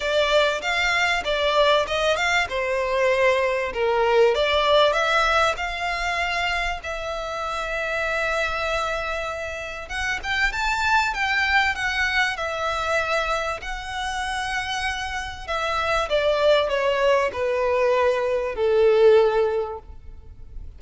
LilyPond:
\new Staff \with { instrumentName = "violin" } { \time 4/4 \tempo 4 = 97 d''4 f''4 d''4 dis''8 f''8 | c''2 ais'4 d''4 | e''4 f''2 e''4~ | e''1 |
fis''8 g''8 a''4 g''4 fis''4 | e''2 fis''2~ | fis''4 e''4 d''4 cis''4 | b'2 a'2 | }